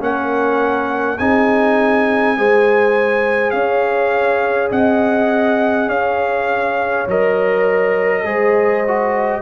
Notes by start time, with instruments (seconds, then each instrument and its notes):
0.00 tuba A#3, trombone C#4, horn A#4, trumpet F#5
1.18 tuba C4, trombone D#4, horn G#4, trumpet G#5
2.37 tuba G#3, trombone G#4, horn C5
3.50 tuba C#4, horn C#5, trumpet F5
4.71 tuba C4, horn D#5, trumpet F#5
5.88 tuba C#4, horn C#5, trumpet F5
7.08 tuba F#3, trombone A#4, trumpet D#5
8.24 tuba G#3, trombone G#4, horn C5
8.87 trombone F#4